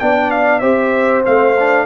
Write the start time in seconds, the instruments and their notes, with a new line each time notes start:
0.00 tuba B3, trombone D4, horn D5, trumpet G5
0.31 trumpet F5
0.59 tuba C4, trombone G4, horn C5, trumpet E5
1.25 tuba A3, trombone C4, trumpet F5
1.59 trombone D4